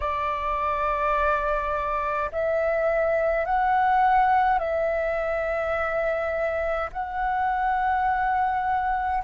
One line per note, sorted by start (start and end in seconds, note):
0.00 2.30 D5
2.31 3.45 E5
3.45 4.58 F#5
4.58 6.89 E5
6.92 9.23 F#5